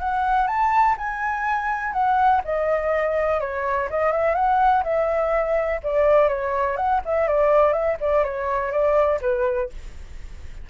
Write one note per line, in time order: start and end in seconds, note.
0.00 0.48 F#5
0.48 0.96 A5
0.98 1.93 G#5
1.93 2.41 F#5
2.45 3.41 D#5
3.41 3.89 C#5
3.90 4.12 D#5
4.12 4.35 E5
4.35 4.83 F#5
4.84 5.81 E5
5.84 6.29 D5
6.29 6.77 C#5
6.77 7.01 F#5
7.06 7.28 E5
7.28 7.73 D5
7.73 7.97 E5
8.01 8.24 D5
8.24 8.72 C#5
8.72 9.20 D5
9.22 9.70 B4